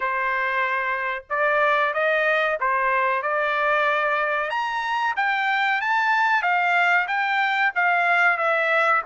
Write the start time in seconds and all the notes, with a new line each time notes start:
0.00 C5
1.29 D5
1.93 D#5
2.60 C5
3.22 D5
4.50 A#5
5.16 G5
5.81 A5
6.42 F5
7.07 G5
7.75 F5
8.37 E5